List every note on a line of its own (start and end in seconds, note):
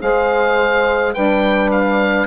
0.00 1.15 G#3
0.00 1.13 G#4
0.00 1.14 C5
0.00 1.14 F5
1.14 2.27 G3
1.14 2.27 D4
1.14 2.27 B4
1.14 1.70 G5
1.71 2.27 F5